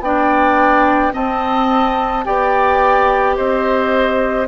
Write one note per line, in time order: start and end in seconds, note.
0.00 1.11 B3
0.00 1.12 D4
0.00 1.13 D5
0.00 1.13 G5
1.12 2.24 C4
1.12 2.26 C4
1.12 2.24 D#5
1.12 2.25 A5
2.24 3.38 B3
2.24 4.47 G4
2.24 3.36 D5
2.24 3.36 G5
3.36 4.48 C4
3.36 4.47 C5
3.36 4.47 D#5